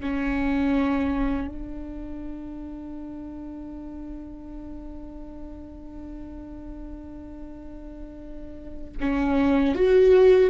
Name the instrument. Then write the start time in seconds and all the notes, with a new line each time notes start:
viola
0.00 C#4
1.48 D4
9.00 C#4
9.75 F#4